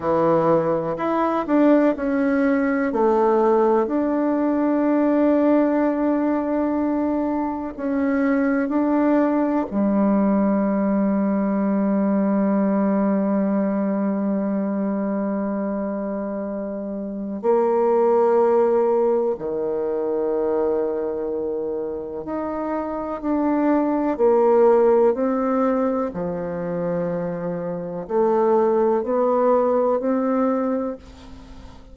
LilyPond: \new Staff \with { instrumentName = "bassoon" } { \time 4/4 \tempo 4 = 62 e4 e'8 d'8 cis'4 a4 | d'1 | cis'4 d'4 g2~ | g1~ |
g2 ais2 | dis2. dis'4 | d'4 ais4 c'4 f4~ | f4 a4 b4 c'4 | }